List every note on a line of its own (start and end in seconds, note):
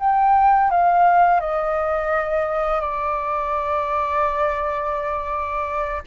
0.00 0.71 G5
0.71 1.41 F5
1.41 2.81 D#5
2.81 6.03 D5